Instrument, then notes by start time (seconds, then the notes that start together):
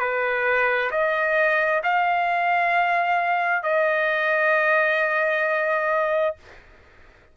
trumpet
0.00 B4
0.91 D#5
1.83 F5
3.64 D#5